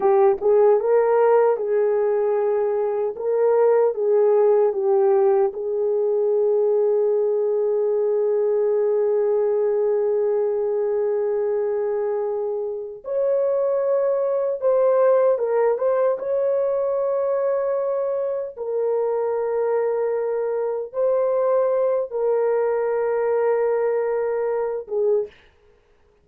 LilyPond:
\new Staff \with { instrumentName = "horn" } { \time 4/4 \tempo 4 = 76 g'8 gis'8 ais'4 gis'2 | ais'4 gis'4 g'4 gis'4~ | gis'1~ | gis'1~ |
gis'8 cis''2 c''4 ais'8 | c''8 cis''2. ais'8~ | ais'2~ ais'8 c''4. | ais'2.~ ais'8 gis'8 | }